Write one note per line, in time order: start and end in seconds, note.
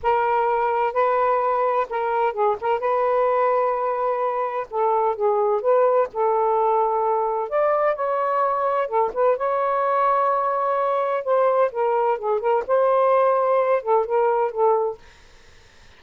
0.03 0.93 A#4
0.93 1.86 B4
1.89 2.33 A#4
2.33 2.56 G#4
2.60 2.79 A#4
2.79 4.67 B4
4.70 5.15 A4
5.15 5.61 G#4
5.61 6.07 B4
6.13 7.49 A4
7.49 7.95 D5
7.95 8.87 C#5
8.87 9.10 A4
9.13 9.37 B4
9.37 11.24 C#5
11.24 11.71 C5
11.71 12.18 A#4
12.18 12.40 G#4
12.40 12.63 A#4
12.67 13.82 C5
13.82 14.05 A4
14.05 14.51 A#4
14.51 14.98 A4